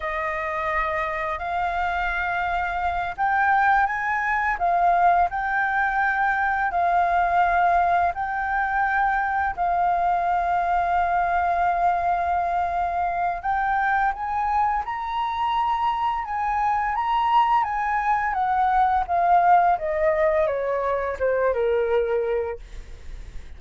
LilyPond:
\new Staff \with { instrumentName = "flute" } { \time 4/4 \tempo 4 = 85 dis''2 f''2~ | f''8 g''4 gis''4 f''4 g''8~ | g''4. f''2 g''8~ | g''4. f''2~ f''8~ |
f''2. g''4 | gis''4 ais''2 gis''4 | ais''4 gis''4 fis''4 f''4 | dis''4 cis''4 c''8 ais'4. | }